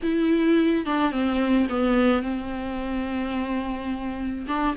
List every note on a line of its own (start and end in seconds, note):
0.02 0.85 E4
0.85 1.11 D4
1.11 1.67 C4
1.69 2.22 B3
2.22 4.47 C4
4.47 4.75 D4